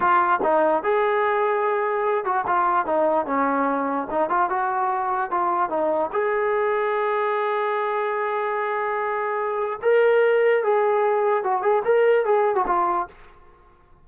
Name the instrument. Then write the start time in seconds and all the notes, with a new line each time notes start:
trombone
0.00 F4
0.42 D#4
0.83 G#4
2.24 F#4
2.46 F4
2.86 D#4
3.26 C#4
4.10 D#4
4.29 F4
4.49 F#4
5.30 F4
5.69 D#4
6.12 G#4
9.81 A#4
10.63 G#4
11.43 F#4
11.62 G#4
11.85 A#4
12.25 G#4
12.55 F#4
12.66 F4